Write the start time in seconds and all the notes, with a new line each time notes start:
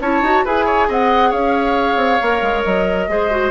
0.00 C#4 E4 C#5 A5
0.21 D#4 F#4
0.45 E4 G#4 B4 G#5
0.65 C#5
0.88 C4 D#5 F#5
1.30 C#4 C#5 F5
1.96 C4
2.22 A#3 A#4
2.42 G#3
2.64 F#3 D#5
3.08 G#3 G#4 C5
3.31 F#4